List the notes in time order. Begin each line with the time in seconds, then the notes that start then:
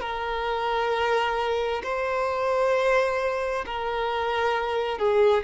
0.00 A#4
1.83 C5
3.66 A#4
4.98 G#4